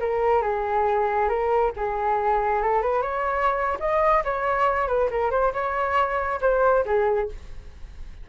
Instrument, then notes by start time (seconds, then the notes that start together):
flute
0.00 A#4
0.42 G#4
1.29 A#4
1.76 G#4
2.62 A4
2.82 B4
3.02 C#5
3.80 D#5
4.24 C#5
4.88 B4
5.10 A#4
5.31 C5
5.53 C#5
6.41 C5
6.85 G#4